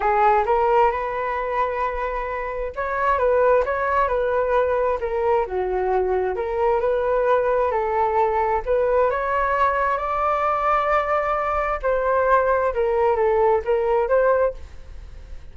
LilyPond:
\new Staff \with { instrumentName = "flute" } { \time 4/4 \tempo 4 = 132 gis'4 ais'4 b'2~ | b'2 cis''4 b'4 | cis''4 b'2 ais'4 | fis'2 ais'4 b'4~ |
b'4 a'2 b'4 | cis''2 d''2~ | d''2 c''2 | ais'4 a'4 ais'4 c''4 | }